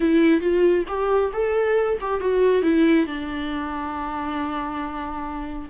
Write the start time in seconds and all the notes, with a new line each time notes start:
0.00 E4
0.40 F4
0.88 G4
1.32 A4
2.00 G4
2.20 F#4
2.62 E4
3.06 D4